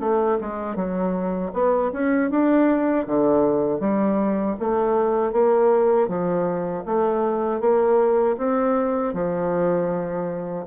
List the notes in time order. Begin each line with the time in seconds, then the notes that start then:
0.00 A3
0.41 G#3
0.76 F#3
1.54 B3
1.93 C#4
2.31 D4
3.07 D3
3.80 G3
4.60 A3
5.32 A#3
6.08 F3
6.86 A3
7.61 A#3
8.38 C4
9.14 F3